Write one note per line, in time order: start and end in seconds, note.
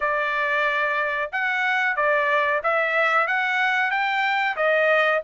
0.00 1.30 D5
1.32 1.96 F#5
1.96 2.61 D5
2.63 3.27 E5
3.27 3.90 F#5
3.90 4.56 G5
4.56 5.21 D#5